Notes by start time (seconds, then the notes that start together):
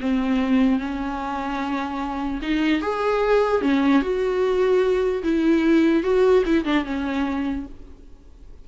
0.00 C4
0.79 C#4
2.42 D#4
2.82 G#4
3.61 C#4
4.02 F#4
5.23 E4
6.03 F#4
6.45 E4
6.65 D4
6.85 C#4